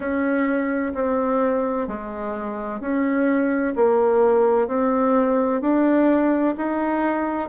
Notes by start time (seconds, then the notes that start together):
0.00 C#4
0.94 C4
1.87 G#3
2.80 C#4
3.75 A#3
4.67 C4
5.61 D4
6.57 D#4